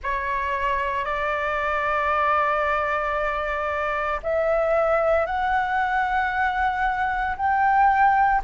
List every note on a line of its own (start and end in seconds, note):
0.02 1.04 C#5
1.04 4.20 D5
4.22 5.26 E5
5.26 7.36 F#5
7.36 8.42 G5